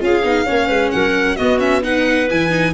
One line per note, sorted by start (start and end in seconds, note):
0.00 0.24 C#4
0.00 0.23 F4
0.00 0.46 G#4
0.00 0.91 F5
0.24 0.47 B3
0.24 0.46 D#4
0.46 0.70 A#3
0.46 1.37 C#4
0.46 0.68 C#5
0.68 0.92 G#3
0.68 0.90 B4
0.91 1.40 F#3
0.91 1.37 A#4
0.91 1.36 F#5
1.36 1.59 B3
1.36 2.31 B3
1.36 1.82 F#4
1.36 1.59 D#5
1.59 1.82 C#4
1.59 1.83 E5
1.82 2.28 D#4
1.82 2.74 B4
1.82 2.29 F#5
2.30 2.74 E3
2.30 2.50 E4
2.30 2.74 G#5
2.50 2.73 D#4